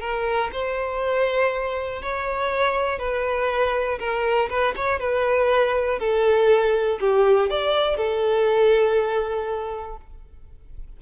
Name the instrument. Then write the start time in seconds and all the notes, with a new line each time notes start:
violin
0.00 A#4
0.52 C5
2.01 C#5
2.99 B4
3.99 A#4
4.49 B4
4.75 C#5
4.99 B4
5.99 A4
7.00 G4
7.50 D5
7.97 A4